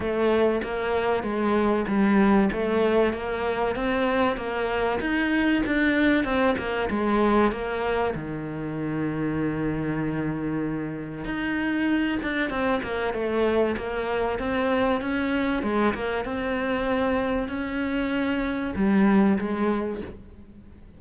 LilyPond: \new Staff \with { instrumentName = "cello" } { \time 4/4 \tempo 4 = 96 a4 ais4 gis4 g4 | a4 ais4 c'4 ais4 | dis'4 d'4 c'8 ais8 gis4 | ais4 dis2.~ |
dis2 dis'4. d'8 | c'8 ais8 a4 ais4 c'4 | cis'4 gis8 ais8 c'2 | cis'2 g4 gis4 | }